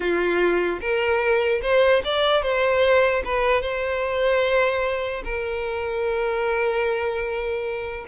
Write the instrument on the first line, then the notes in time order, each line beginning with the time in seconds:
violin
0.00 F4
0.80 A#4
1.62 C5
2.04 D5
2.42 C5
3.24 B4
3.61 C5
5.24 A#4